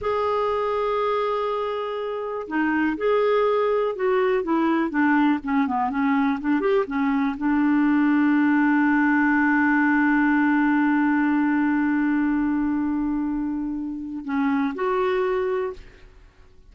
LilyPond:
\new Staff \with { instrumentName = "clarinet" } { \time 4/4 \tempo 4 = 122 gis'1~ | gis'4 dis'4 gis'2 | fis'4 e'4 d'4 cis'8 b8 | cis'4 d'8 g'8 cis'4 d'4~ |
d'1~ | d'1~ | d'1~ | d'4 cis'4 fis'2 | }